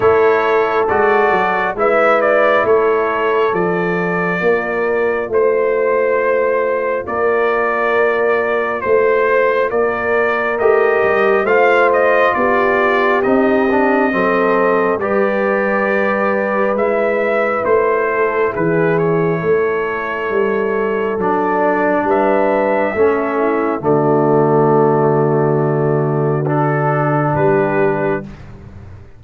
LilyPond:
<<
  \new Staff \with { instrumentName = "trumpet" } { \time 4/4 \tempo 4 = 68 cis''4 d''4 e''8 d''8 cis''4 | d''2 c''2 | d''2 c''4 d''4 | dis''4 f''8 dis''8 d''4 dis''4~ |
dis''4 d''2 e''4 | c''4 b'8 cis''2~ cis''8 | d''4 e''2 d''4~ | d''2 a'4 b'4 | }
  \new Staff \with { instrumentName = "horn" } { \time 4/4 a'2 b'4 a'4~ | a'4 ais'4 c''2 | ais'2 c''4 ais'4~ | ais'4 c''4 g'2 |
a'4 b'2.~ | b'8 a'8 gis'4 a'2~ | a'4 b'4 a'8 e'8 fis'4~ | fis'2. g'4 | }
  \new Staff \with { instrumentName = "trombone" } { \time 4/4 e'4 fis'4 e'2 | f'1~ | f'1 | g'4 f'2 dis'8 d'8 |
c'4 g'2 e'4~ | e'1 | d'2 cis'4 a4~ | a2 d'2 | }
  \new Staff \with { instrumentName = "tuba" } { \time 4/4 a4 gis8 fis8 gis4 a4 | f4 ais4 a2 | ais2 a4 ais4 | a8 g8 a4 b4 c'4 |
fis4 g2 gis4 | a4 e4 a4 g4 | fis4 g4 a4 d4~ | d2. g4 | }
>>